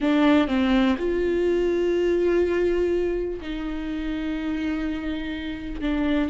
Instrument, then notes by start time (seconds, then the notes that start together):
viola
0.00 D4
0.47 C4
0.98 F4
3.41 D#4
5.81 D4